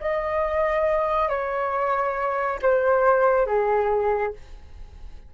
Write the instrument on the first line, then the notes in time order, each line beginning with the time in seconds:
flute
0.00 D#5
1.28 C#5
2.62 C5
3.46 G#4